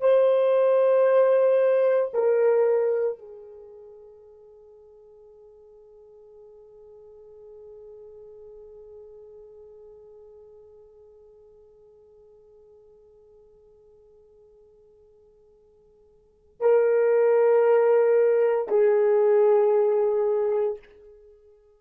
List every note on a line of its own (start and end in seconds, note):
0.00 2.11 C5
2.13 3.18 A#4
3.18 16.60 G#4
16.60 18.68 A#4
18.68 20.78 G#4